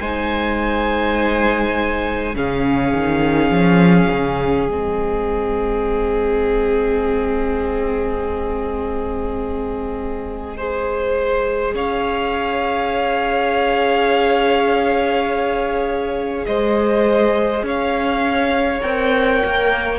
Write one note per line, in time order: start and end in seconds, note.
0.00 2.36 G#3
0.00 2.34 D#4
0.00 2.36 C5
0.00 2.35 G#5
2.34 2.93 C#3
2.34 4.70 C#4
2.34 10.57 G#4
2.34 4.69 F5
2.93 3.50 D#3
3.50 4.09 F3
4.12 4.69 C#3
4.69 11.75 G#3
4.69 10.58 C4
4.69 11.75 D#5
10.57 18.82 G#4
10.57 11.75 C5
11.75 16.45 C#4
11.75 16.46 C#5
11.75 16.46 F5
16.46 17.63 G#3
16.46 17.65 C5
16.46 17.63 D#5
17.63 18.80 C#4
17.63 19.99 C#5
17.63 18.82 F5
18.82 19.43 C4
18.82 19.99 A#4
18.82 19.99 G5
19.45 19.99 A#3